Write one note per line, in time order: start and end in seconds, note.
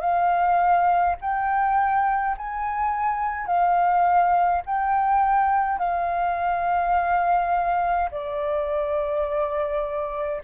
0.00 1.15 F5
1.21 2.37 G5
2.38 3.47 G#5
3.47 4.62 F5
4.66 5.78 G5
5.78 8.09 F5
8.11 10.42 D5